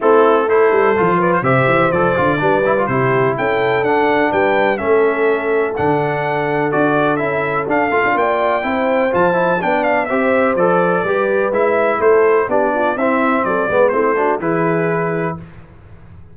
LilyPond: <<
  \new Staff \with { instrumentName = "trumpet" } { \time 4/4 \tempo 4 = 125 a'4 c''4. d''16 c''16 e''4 | d''2 c''4 g''4 | fis''4 g''4 e''2 | fis''2 d''4 e''4 |
f''4 g''2 a''4 | g''8 f''8 e''4 d''2 | e''4 c''4 d''4 e''4 | d''4 c''4 b'2 | }
  \new Staff \with { instrumentName = "horn" } { \time 4/4 e'4 a'4. b'8 c''4~ | c''4 b'4 g'4 a'4~ | a'4 b'4 a'2~ | a'1~ |
a'4 d''4 c''2 | d''4 c''2 b'4~ | b'4 a'4 g'8 f'8 e'4 | a'8 b'8 e'8 fis'8 gis'2 | }
  \new Staff \with { instrumentName = "trombone" } { \time 4/4 c'4 e'4 f'4 g'4 | a'8 f'8 d'8 e'16 f'16 e'2 | d'2 cis'2 | d'2 fis'4 e'4 |
d'8 f'4. e'4 f'8 e'8 | d'4 g'4 a'4 g'4 | e'2 d'4 c'4~ | c'8 b8 c'8 d'8 e'2 | }
  \new Staff \with { instrumentName = "tuba" } { \time 4/4 a4. g8 f4 c8 e8 | f8 d8 g4 c4 cis'4 | d'4 g4 a2 | d2 d'4 cis'4 |
d'8 a16 d'16 ais4 c'4 f4 | b4 c'4 f4 g4 | gis4 a4 b4 c'4 | fis8 gis8 a4 e2 | }
>>